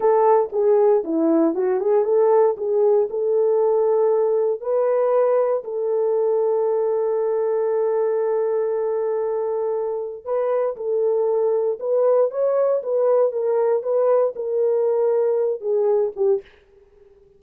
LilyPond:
\new Staff \with { instrumentName = "horn" } { \time 4/4 \tempo 4 = 117 a'4 gis'4 e'4 fis'8 gis'8 | a'4 gis'4 a'2~ | a'4 b'2 a'4~ | a'1~ |
a'1 | b'4 a'2 b'4 | cis''4 b'4 ais'4 b'4 | ais'2~ ais'8 gis'4 g'8 | }